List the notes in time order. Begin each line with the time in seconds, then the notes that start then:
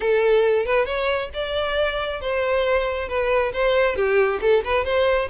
0.00 A4
0.65 B4
0.85 C#5
1.33 D5
2.20 C5
3.08 B4
3.53 C5
3.96 G4
4.41 A4
4.63 B4
4.84 C5